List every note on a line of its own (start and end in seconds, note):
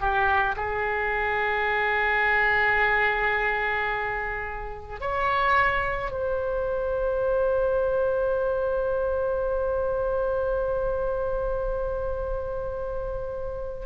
0.00 0.56 G4
0.56 5.01 G#4
5.01 6.11 C#5
6.11 13.86 C5